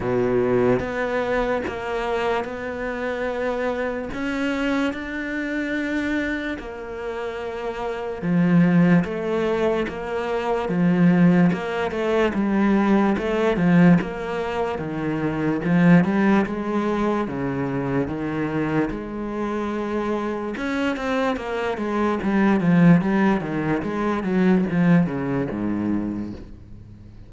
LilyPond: \new Staff \with { instrumentName = "cello" } { \time 4/4 \tempo 4 = 73 b,4 b4 ais4 b4~ | b4 cis'4 d'2 | ais2 f4 a4 | ais4 f4 ais8 a8 g4 |
a8 f8 ais4 dis4 f8 g8 | gis4 cis4 dis4 gis4~ | gis4 cis'8 c'8 ais8 gis8 g8 f8 | g8 dis8 gis8 fis8 f8 cis8 gis,4 | }